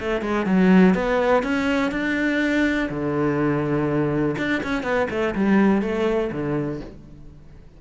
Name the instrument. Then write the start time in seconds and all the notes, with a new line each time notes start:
cello
0.00 A3
0.22 G#3
0.46 F#3
0.95 B3
1.43 C#4
1.91 D4
2.89 D3
4.38 D4
4.63 C#4
4.83 B3
5.10 A3
5.35 G3
5.82 A3
6.32 D3